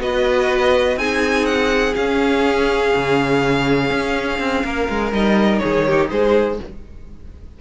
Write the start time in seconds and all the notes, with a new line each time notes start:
0.00 B3 F#4 B4 D#5
0.97 C4 D#4 G#4 G#5
1.46 F#5
1.95 C#4 F5
2.96 C#3
3.91 C#4
4.40 C4
4.64 A#3 A#4
4.90 G#3
5.12 G3 D#4 D#5
5.59 D#3 G#4 C#5
5.87 G4
6.11 G#3 G#4 C5